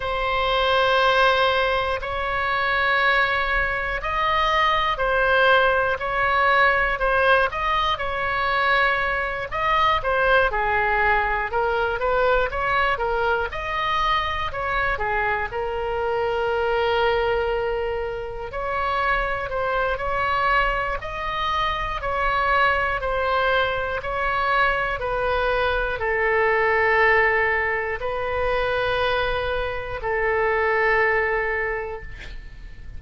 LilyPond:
\new Staff \with { instrumentName = "oboe" } { \time 4/4 \tempo 4 = 60 c''2 cis''2 | dis''4 c''4 cis''4 c''8 dis''8 | cis''4. dis''8 c''8 gis'4 ais'8 | b'8 cis''8 ais'8 dis''4 cis''8 gis'8 ais'8~ |
ais'2~ ais'8 cis''4 c''8 | cis''4 dis''4 cis''4 c''4 | cis''4 b'4 a'2 | b'2 a'2 | }